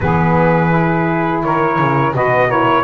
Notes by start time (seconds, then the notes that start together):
0.00 E3 B3 G#4 B4
0.69 E4
1.43 D#3 A#4 C#5
1.79 C#3
2.13 B2 F#4 B4 D#5
2.47 E4 A#4 C#5